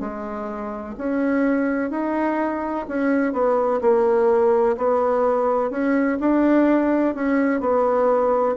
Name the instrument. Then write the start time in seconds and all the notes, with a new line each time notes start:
bassoon
0.00 G#3
0.98 C#4
1.90 D#4
2.88 C#4
3.33 B3
3.81 A#3
4.77 B3
5.70 C#4
6.20 D4
7.15 C#4
7.60 B3